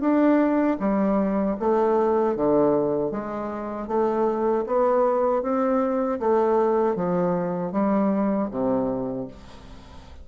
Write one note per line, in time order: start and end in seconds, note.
0.00 0.77 D4
0.79 1.56 G3
1.59 2.36 A3
2.36 3.10 D3
3.10 3.87 G#3
3.87 4.64 A3
4.66 5.42 B3
5.42 6.19 C4
6.19 6.95 A3
6.95 7.72 F3
7.72 8.49 G3
8.50 9.27 C3